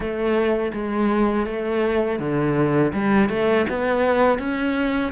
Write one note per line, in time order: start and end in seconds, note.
0.00 0.72 A3
0.73 1.46 G#3
1.46 2.19 A3
2.19 2.92 D3
2.93 3.29 G3
3.29 3.65 A3
3.69 4.38 B3
4.38 5.12 C#4